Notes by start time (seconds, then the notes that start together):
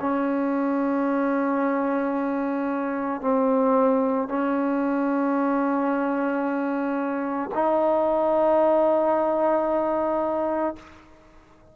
0.00 C#4
3.21 C4
4.29 C#4
7.54 D#4